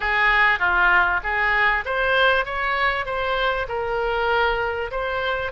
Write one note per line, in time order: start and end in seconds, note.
0.00 0.59 G#4
0.59 1.20 F4
1.23 1.84 G#4
1.85 2.45 C5
2.45 3.05 C#5
3.05 3.67 C5
3.68 4.90 A#4
4.91 5.52 C5